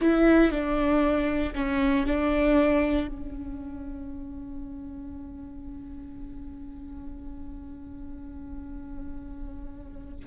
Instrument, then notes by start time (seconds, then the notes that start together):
viola
0.01 E4
0.51 D4
1.55 C#4
2.06 D4
3.07 C#4